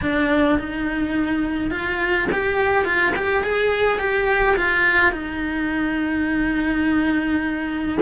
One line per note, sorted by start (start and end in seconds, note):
0.01 0.58 D4
0.59 1.70 D#4
1.70 2.28 F4
2.31 2.84 G4
2.84 3.13 F4
3.16 3.43 G4
3.43 3.98 G#4
3.98 4.56 G4
4.56 5.12 F4
5.12 7.97 D#4